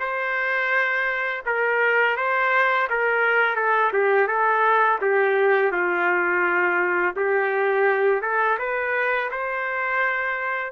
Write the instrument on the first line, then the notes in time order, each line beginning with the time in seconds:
trumpet
0.00 C5
1.46 A#4
2.17 C5
2.90 A#4
3.56 A4
3.94 G4
4.28 A4
5.02 G4
5.72 F4
7.17 G4
8.22 A4
8.59 B4
9.31 C5